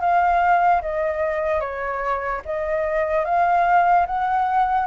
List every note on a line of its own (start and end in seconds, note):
0.00 0.81 F5
0.81 1.60 D#5
1.60 2.41 C#5
2.45 3.25 D#5
3.25 4.06 F5
4.06 4.86 F#5